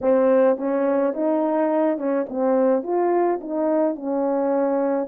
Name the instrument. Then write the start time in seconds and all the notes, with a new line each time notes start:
horn
0.01 C4
0.57 C#4
1.13 D#4
1.97 C#4
2.29 C4
2.83 F4
3.40 D#4
3.95 C#4